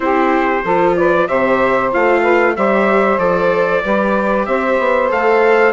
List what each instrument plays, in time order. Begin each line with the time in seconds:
0.00 bassoon C4, viola E4, saxophone G4, trumpet C5
0.64 bassoon F3, viola F4, saxophone A4
0.96 saxophone B4, trumpet D5
1.27 bassoon C3, viola G4, saxophone C5, trumpet E5
1.92 bassoon A3, viola F4, trumpet F5
2.21 saxophone B4
2.56 bassoon G3, viola G4, saxophone C5, trumpet E5
3.18 bassoon F3, viola A4, trumpet D5
3.83 bassoon G3, viola G4, saxophone B4
4.45 bassoon C4, saxophone C5, trumpet E5
4.79 bassoon B3
5.09 bassoon A3, viola A4, trumpet F5